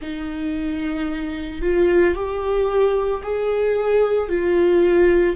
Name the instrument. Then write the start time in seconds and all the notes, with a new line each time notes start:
viola
0.01 D#4
1.61 F4
2.14 G4
3.22 G#4
4.29 F4